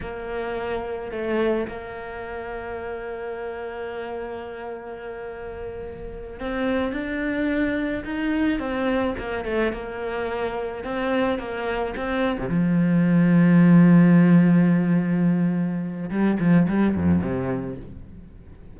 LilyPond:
\new Staff \with { instrumentName = "cello" } { \time 4/4 \tempo 4 = 108 ais2 a4 ais4~ | ais1~ | ais2.~ ais8 c'8~ | c'8 d'2 dis'4 c'8~ |
c'8 ais8 a8 ais2 c'8~ | c'8 ais4 c'8. c16 f4.~ | f1~ | f4 g8 f8 g8 f,8 c4 | }